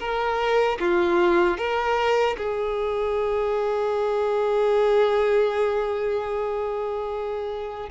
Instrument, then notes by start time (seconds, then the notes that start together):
violin
0.00 A#4
0.80 F4
1.58 A#4
2.38 G#4